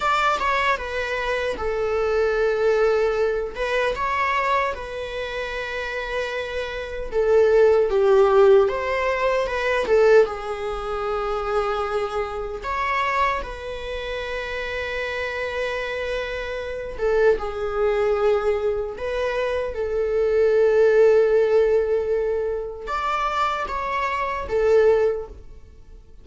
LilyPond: \new Staff \with { instrumentName = "viola" } { \time 4/4 \tempo 4 = 76 d''8 cis''8 b'4 a'2~ | a'8 b'8 cis''4 b'2~ | b'4 a'4 g'4 c''4 | b'8 a'8 gis'2. |
cis''4 b'2.~ | b'4. a'8 gis'2 | b'4 a'2.~ | a'4 d''4 cis''4 a'4 | }